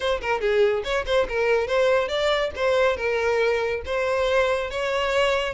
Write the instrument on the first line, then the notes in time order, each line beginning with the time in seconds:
violin
0.00 C5
0.21 A#4
0.40 G#4
0.84 C#5
1.05 C5
1.28 A#4
1.67 C5
2.08 D5
2.55 C5
2.97 A#4
3.85 C5
4.70 C#5